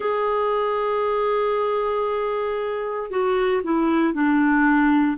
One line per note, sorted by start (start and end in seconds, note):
0.00 3.10 G#4
3.10 3.62 F#4
3.63 4.13 E4
4.13 5.17 D4